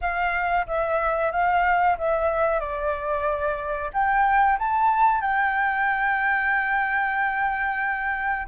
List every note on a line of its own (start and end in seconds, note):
0.01 0.66 F5
0.66 1.31 E5
1.31 1.96 F5
1.97 2.60 E5
2.60 3.90 D5
3.93 4.58 G5
4.58 5.21 A5
5.21 8.47 G5